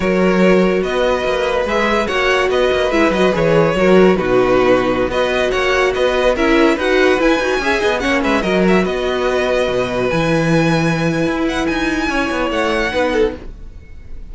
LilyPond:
<<
  \new Staff \with { instrumentName = "violin" } { \time 4/4 \tempo 4 = 144 cis''2 dis''2 | e''4 fis''4 dis''4 e''8 dis''8 | cis''2 b'2~ | b'16 dis''4 fis''4 dis''4 e''8.~ |
e''16 fis''4 gis''2 fis''8 e''16~ | e''16 dis''8 e''8 dis''2~ dis''8.~ | dis''16 gis''2.~ gis''16 fis''8 | gis''2 fis''2 | }
  \new Staff \with { instrumentName = "violin" } { \time 4/4 ais'2 b'2~ | b'4 cis''4 b'2~ | b'4 ais'4 fis'2~ | fis'16 b'4 cis''4 b'4 ais'8.~ |
ais'16 b'2 e''8 dis''8 cis''8 b'16~ | b'16 ais'4 b'2~ b'8.~ | b'1~ | b'4 cis''2 b'8 a'8 | }
  \new Staff \with { instrumentName = "viola" } { \time 4/4 fis'1 | gis'4 fis'2 e'8 fis'8 | gis'4 fis'4 dis'2~ | dis'16 fis'2. e'8.~ |
e'16 fis'4 e'8 fis'8 gis'4 cis'8.~ | cis'16 fis'2.~ fis'8.~ | fis'16 e'2.~ e'8.~ | e'2. dis'4 | }
  \new Staff \with { instrumentName = "cello" } { \time 4/4 fis2 b4 ais4 | gis4 ais4 b8 ais8 gis8 fis8 | e4 fis4 b,2~ | b,16 b4 ais4 b4 cis'8.~ |
cis'16 dis'4 e'8 dis'8 cis'8 b8 ais8 gis16~ | gis16 fis4 b2 b,8.~ | b,16 e2~ e8. e'4 | dis'4 cis'8 b8 a4 b4 | }
>>